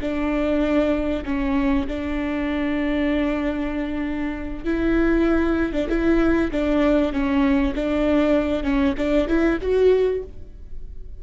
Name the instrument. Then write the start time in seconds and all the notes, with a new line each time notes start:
viola
0.00 D4
1.25 C#4
1.87 D4
4.64 E4
5.72 D4
5.88 E4
6.51 D4
7.12 C#4
7.75 D4
8.63 C#4
8.97 D4
9.27 E4
9.61 F#4